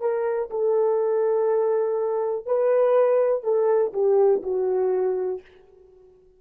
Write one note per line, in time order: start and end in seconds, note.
0.00 0.49 A#4
0.51 2.46 A4
2.46 3.43 B4
3.43 3.93 A4
3.93 4.43 G4
4.43 5.41 F#4